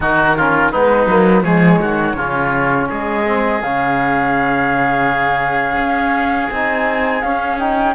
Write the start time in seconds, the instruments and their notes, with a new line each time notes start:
0.00 cello D#3, trombone D#4, oboe F#4, flute A#4
0.36 trombone C#4, oboe F4
0.70 cello G#3, trombone B3, oboe D#4, flute B4
1.06 cello F#3, trombone A#3
1.42 cello F3, trombone G#3, oboe G#4, flute C#5
1.81 cello D#3, oboe F#4
2.15 cello C#3, trombone C#4, oboe F4
2.89 cello G#3, oboe G#4, flute D#5
3.26 trombone C4
3.61 cello C#3, trombone C#4, flute F5
5.76 cello C#4
6.49 cello C4, trombone D#4, flute G#5
7.21 trombone C#4, cello C#4, flute F5
7.58 trombone D#4, flute G5